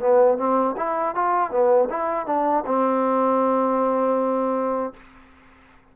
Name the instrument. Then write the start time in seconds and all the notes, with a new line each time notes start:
trombone
0.00 B3
0.38 C4
0.77 E4
1.15 F4
1.51 B3
1.90 E4
2.26 D4
2.65 C4